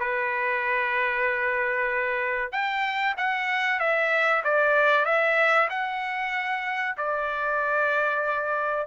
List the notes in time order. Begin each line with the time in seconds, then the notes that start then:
0.00 B4
2.52 G5
3.18 F#5
3.80 E5
4.44 D5
5.06 E5
5.70 F#5
6.98 D5